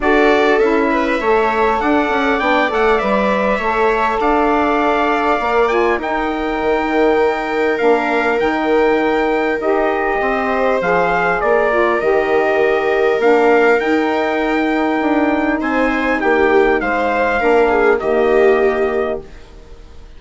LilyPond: <<
  \new Staff \with { instrumentName = "trumpet" } { \time 4/4 \tempo 4 = 100 d''4 e''2 fis''4 | g''8 fis''8 e''2 f''4~ | f''4. gis''8 g''2~ | g''4 f''4 g''2 |
dis''2 f''4 d''4 | dis''2 f''4 g''4~ | g''2 gis''4 g''4 | f''2 dis''2 | }
  \new Staff \with { instrumentName = "viola" } { \time 4/4 a'4. b'8 cis''4 d''4~ | d''2 cis''4 d''4~ | d''2 ais'2~ | ais'1~ |
ais'4 c''2 ais'4~ | ais'1~ | ais'2 c''4 g'4 | c''4 ais'8 gis'8 g'2 | }
  \new Staff \with { instrumentName = "saxophone" } { \time 4/4 fis'4 e'4 a'2 | d'8 a'8 b'4 a'2~ | a'4 ais'8 f'8 dis'2~ | dis'4 d'4 dis'2 |
g'2 gis'4. f'8 | g'2 d'4 dis'4~ | dis'1~ | dis'4 d'4 ais2 | }
  \new Staff \with { instrumentName = "bassoon" } { \time 4/4 d'4 cis'4 a4 d'8 cis'8 | b8 a8 g4 a4 d'4~ | d'4 ais4 dis'4 dis4~ | dis4 ais4 dis2 |
dis'4 c'4 f4 ais4 | dis2 ais4 dis'4~ | dis'4 d'4 c'4 ais4 | gis4 ais4 dis2 | }
>>